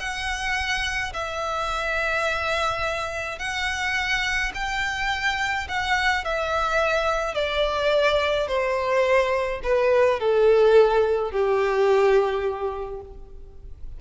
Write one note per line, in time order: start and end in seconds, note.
0.00 1.13 F#5
1.13 3.39 E5
3.39 4.52 F#5
4.55 5.68 G5
5.69 6.25 F#5
6.25 7.35 E5
7.35 8.48 D5
8.48 9.61 C5
9.64 10.20 B4
10.20 11.32 A4
11.32 13.01 G4